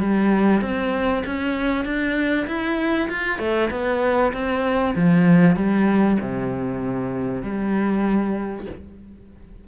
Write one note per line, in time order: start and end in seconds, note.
0.00 0.62 G3
0.62 1.24 C4
1.26 1.85 C#4
1.85 2.47 D4
2.47 3.09 E4
3.10 3.39 F4
3.39 3.70 A3
3.71 4.33 B3
4.33 4.95 C4
4.96 5.56 F3
5.56 6.18 G3
6.21 7.43 C3
7.43 8.67 G3